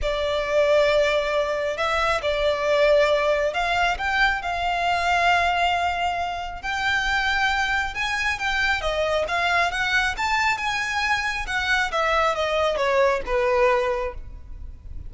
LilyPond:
\new Staff \with { instrumentName = "violin" } { \time 4/4 \tempo 4 = 136 d''1 | e''4 d''2. | f''4 g''4 f''2~ | f''2. g''4~ |
g''2 gis''4 g''4 | dis''4 f''4 fis''4 a''4 | gis''2 fis''4 e''4 | dis''4 cis''4 b'2 | }